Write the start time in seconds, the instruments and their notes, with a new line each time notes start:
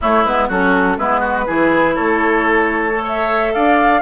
0.01 clarinet A3, bassoon A3, oboe E4, flute C#5
0.24 bassoon G#3, clarinet B3, flute B4
0.48 bassoon F#3, clarinet C#4, oboe F#4, flute A4
0.97 bassoon G#3, clarinet B3, oboe E4, flute B4
1.20 oboe F#4
1.46 bassoon E3, clarinet E4, oboe G#4
1.95 bassoon A3, oboe A4, flute C#5
2.92 clarinet A4
3.03 oboe C#5, flute E5
3.53 bassoon D4, oboe D5, flute F5